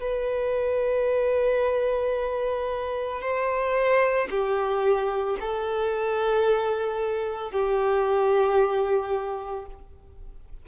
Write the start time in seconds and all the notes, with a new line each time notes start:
0.00 B4
3.21 C5
4.30 G4
5.40 A4
7.51 G4